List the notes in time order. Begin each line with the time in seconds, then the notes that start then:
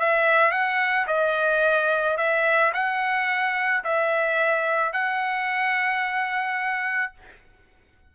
0.00 E5
0.52 F#5
1.08 D#5
2.17 E5
2.74 F#5
3.84 E5
4.93 F#5